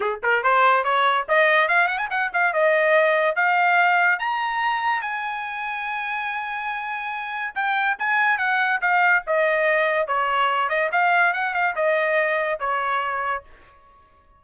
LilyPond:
\new Staff \with { instrumentName = "trumpet" } { \time 4/4 \tempo 4 = 143 gis'8 ais'8 c''4 cis''4 dis''4 | f''8 fis''16 gis''16 fis''8 f''8 dis''2 | f''2 ais''2 | gis''1~ |
gis''2 g''4 gis''4 | fis''4 f''4 dis''2 | cis''4. dis''8 f''4 fis''8 f''8 | dis''2 cis''2 | }